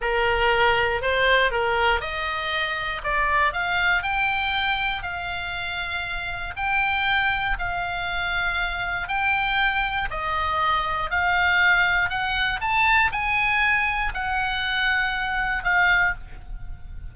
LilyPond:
\new Staff \with { instrumentName = "oboe" } { \time 4/4 \tempo 4 = 119 ais'2 c''4 ais'4 | dis''2 d''4 f''4 | g''2 f''2~ | f''4 g''2 f''4~ |
f''2 g''2 | dis''2 f''2 | fis''4 a''4 gis''2 | fis''2. f''4 | }